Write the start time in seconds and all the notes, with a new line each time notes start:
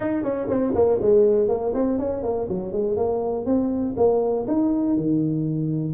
0.00 D#4
0.23 C#4
0.48 C4
0.74 A#3
1.01 G#3
1.48 A#3
1.74 C4
1.99 C#4
2.23 A#3
2.48 F#3
2.72 G#3
2.96 A#3
3.45 C4
3.96 A#3
4.47 D#4
4.96 D#3